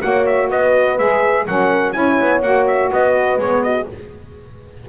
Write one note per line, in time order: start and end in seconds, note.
0.00 0.50 A#3
0.00 0.97 F#4
0.00 0.49 C#5
0.00 0.25 F#5
0.26 0.50 E5
0.49 0.98 B3
0.49 1.45 B4
0.49 0.98 D#5
0.98 1.47 G#3
0.98 1.46 G#4
0.98 1.46 E5
1.46 1.95 F#3
1.46 1.93 C#4
1.46 1.94 A#4
1.46 1.92 F#5
1.92 2.19 C#4
1.92 2.41 E4
1.92 2.91 C#5
1.92 2.40 G#5
2.19 2.42 B3
2.42 2.90 A#3
2.42 3.39 F#4
2.42 2.66 F#5
2.67 2.91 E5
2.91 3.37 B3
2.91 3.63 B4
2.91 3.40 D#5
3.37 3.85 G#3
3.37 3.88 B3
3.37 3.63 C#5
3.63 3.87 F#4
3.63 3.87 D#5